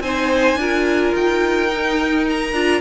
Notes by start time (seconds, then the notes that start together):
0.00 C4 D#4 C5 G#5
0.56 D4 F4 A#4
1.15 D#4 G5
1.69 D#4
2.30 A#5
2.53 D4 F4